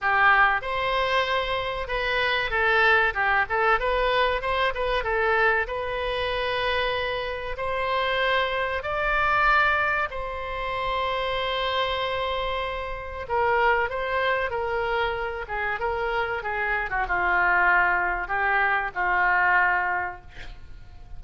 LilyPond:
\new Staff \with { instrumentName = "oboe" } { \time 4/4 \tempo 4 = 95 g'4 c''2 b'4 | a'4 g'8 a'8 b'4 c''8 b'8 | a'4 b'2. | c''2 d''2 |
c''1~ | c''4 ais'4 c''4 ais'4~ | ais'8 gis'8 ais'4 gis'8. fis'16 f'4~ | f'4 g'4 f'2 | }